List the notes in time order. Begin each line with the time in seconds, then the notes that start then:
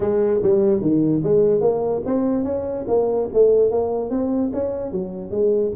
0.00 G#3
0.42 G3
0.81 D#3
1.23 G#3
1.60 A#3
2.05 C4
2.44 C#4
2.87 A#3
3.33 A3
3.70 A#3
4.10 C4
4.53 C#4
4.91 F#3
5.31 G#3